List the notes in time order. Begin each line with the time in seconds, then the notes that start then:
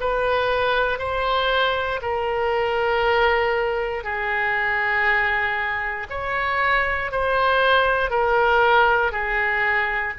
0.00 B4
0.98 C5
2.02 A#4
4.04 G#4
6.09 C#5
7.11 C5
8.10 A#4
9.12 G#4